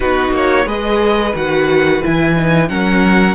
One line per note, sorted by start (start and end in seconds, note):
0.00 0.31 B3
0.00 0.66 D#4
0.00 0.65 F#4
0.00 0.32 B4
0.31 0.65 A#3
0.31 0.68 C#5
0.65 1.33 G#3
0.65 1.33 G#4
0.65 2.68 B4
0.65 1.35 D#5
1.34 2.02 D#3
1.34 2.02 F#4
1.34 2.03 F#5
2.02 2.69 E3
2.02 2.35 E4
2.02 2.68 G#5
2.36 2.68 D#4
2.68 3.35 F#3
2.68 3.35 C#4
2.68 3.35 A#4
2.68 3.35 F#5